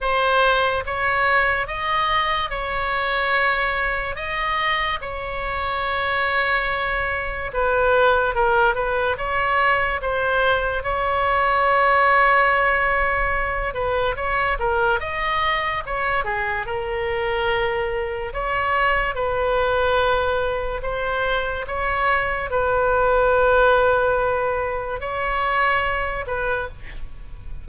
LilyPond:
\new Staff \with { instrumentName = "oboe" } { \time 4/4 \tempo 4 = 72 c''4 cis''4 dis''4 cis''4~ | cis''4 dis''4 cis''2~ | cis''4 b'4 ais'8 b'8 cis''4 | c''4 cis''2.~ |
cis''8 b'8 cis''8 ais'8 dis''4 cis''8 gis'8 | ais'2 cis''4 b'4~ | b'4 c''4 cis''4 b'4~ | b'2 cis''4. b'8 | }